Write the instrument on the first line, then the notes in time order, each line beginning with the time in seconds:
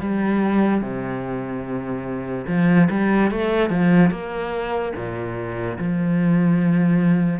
cello
0.00 G3
0.81 C3
2.47 F3
2.90 G3
3.31 A3
3.69 F3
4.10 A#3
4.96 A#2
5.78 F3